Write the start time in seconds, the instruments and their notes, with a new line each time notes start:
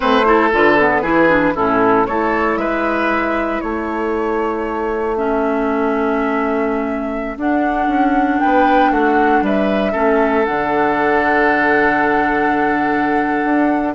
0.00 bassoon A3, clarinet C4, oboe B4, flute C5
0.24 clarinet E4, oboe A4
0.52 bassoon D3, clarinet F4, flute B4
0.79 clarinet B3
1.02 bassoon E3, clarinet E4, oboe G#4
1.28 clarinet D4
1.55 bassoon A2, clarinet C#4, oboe E4, flute A4
2.06 bassoon A3, clarinet E4, oboe A4, flute C#5
2.56 bassoon G#3, oboe B4, flute E5
3.60 bassoon A3, oboe A4, flute C#5
5.17 clarinet C#4, flute E5
7.36 bassoon D4, clarinet D4, flute F#5
7.87 bassoon C#4
8.40 bassoon B3, oboe B4, flute G5
8.91 bassoon A3, oboe F#4, flute F#5
9.41 bassoon G3, oboe B4, flute E5
9.92 bassoon A3, clarinet C#4, oboe A4
10.45 bassoon D3, clarinet D4, flute F#5
13.44 bassoon D4